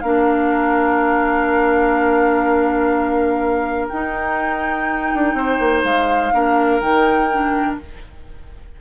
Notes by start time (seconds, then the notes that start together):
0.00 A#3 D4 A#4 F5
3.88 D#4 G5
5.14 D4
5.34 C4 C5
5.59 A#3
5.83 G#3 F5
6.33 A#3 D4 A#4
6.80 D#3 D#4 G5
7.32 D4